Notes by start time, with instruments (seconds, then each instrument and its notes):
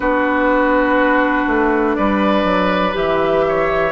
0.00 bassoon B3, clarinet D4, oboe F#4, flute B4
1.47 bassoon A3
1.95 bassoon G3, oboe B4, flute D5
2.43 bassoon F#3
2.92 bassoon E3, clarinet G4, flute E5
3.48 oboe C#5